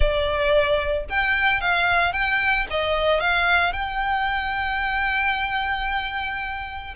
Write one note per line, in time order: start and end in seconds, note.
0.00 1.04 D5
1.09 1.60 G5
1.60 2.13 F5
2.13 2.66 G5
2.70 3.20 D#5
3.20 3.73 F5
3.73 6.94 G5